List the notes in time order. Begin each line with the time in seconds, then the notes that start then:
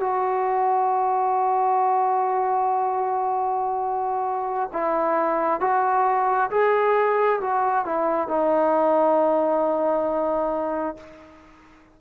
0.00 F#4
4.73 E4
5.60 F#4
6.50 G#4
7.40 F#4
7.85 E4
8.28 D#4